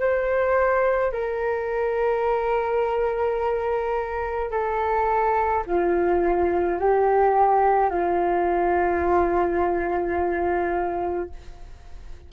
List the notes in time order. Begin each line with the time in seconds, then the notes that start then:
0.00 C5
1.13 A#4
4.51 A4
5.67 F4
6.80 G4
7.90 F4